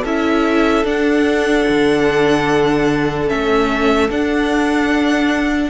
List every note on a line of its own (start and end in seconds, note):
0.00 0.84 C#4
0.00 0.85 E4
0.00 5.68 A4
0.00 0.86 E5
0.84 1.65 D4
0.84 3.28 D4
0.84 3.29 F#5
1.69 3.31 D3
3.28 4.10 A3
3.28 4.09 C#4
3.28 4.10 E5
4.10 5.70 D4
4.10 5.70 F#5